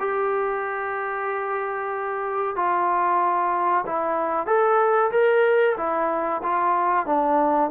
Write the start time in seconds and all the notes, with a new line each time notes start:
0.00 G4
2.56 F4
3.87 E4
4.47 A4
5.12 A#4
5.78 E4
6.43 F4
7.06 D4